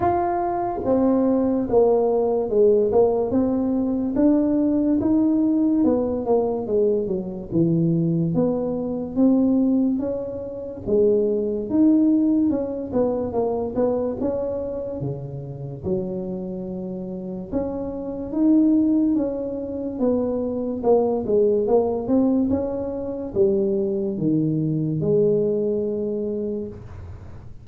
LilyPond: \new Staff \with { instrumentName = "tuba" } { \time 4/4 \tempo 4 = 72 f'4 c'4 ais4 gis8 ais8 | c'4 d'4 dis'4 b8 ais8 | gis8 fis8 e4 b4 c'4 | cis'4 gis4 dis'4 cis'8 b8 |
ais8 b8 cis'4 cis4 fis4~ | fis4 cis'4 dis'4 cis'4 | b4 ais8 gis8 ais8 c'8 cis'4 | g4 dis4 gis2 | }